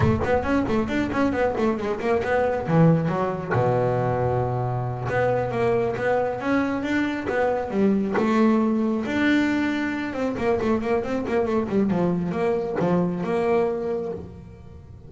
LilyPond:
\new Staff \with { instrumentName = "double bass" } { \time 4/4 \tempo 4 = 136 a8 b8 cis'8 a8 d'8 cis'8 b8 a8 | gis8 ais8 b4 e4 fis4 | b,2.~ b,8 b8~ | b8 ais4 b4 cis'4 d'8~ |
d'8 b4 g4 a4.~ | a8 d'2~ d'8 c'8 ais8 | a8 ais8 c'8 ais8 a8 g8 f4 | ais4 f4 ais2 | }